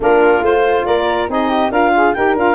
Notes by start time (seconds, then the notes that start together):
0.00 A#3 D4 F4 A#4
0.41 A3 F4 C5
0.85 A#3 A#4 D5
1.27 C4 D#4 G#4 D#5
1.49 G4
1.70 D4 F4 A#4 F5
1.96 G#4
2.13 D#4 G4 A#4 G5
2.35 D4 F4 F5